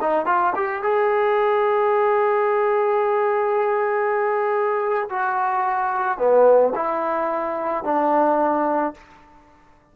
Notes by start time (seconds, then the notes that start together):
0.00 D#4
0.26 F4
0.55 G4
0.82 G#4
5.09 F#4
6.18 B3
6.75 E4
7.84 D4